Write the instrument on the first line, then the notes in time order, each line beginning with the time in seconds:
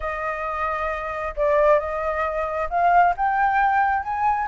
flute
0.00 D#5
1.36 D5
1.79 D#5
2.69 F5
3.16 G5
4.02 G#5